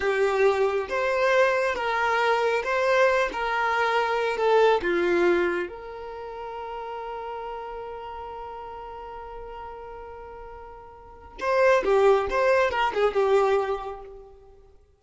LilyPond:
\new Staff \with { instrumentName = "violin" } { \time 4/4 \tempo 4 = 137 g'2 c''2 | ais'2 c''4. ais'8~ | ais'2 a'4 f'4~ | f'4 ais'2.~ |
ais'1~ | ais'1~ | ais'2 c''4 g'4 | c''4 ais'8 gis'8 g'2 | }